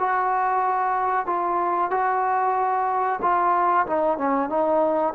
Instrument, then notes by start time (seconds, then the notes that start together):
trombone
0.00 F#4
1.27 F4
1.91 F#4
3.22 F4
3.87 D#4
4.18 C#4
4.50 D#4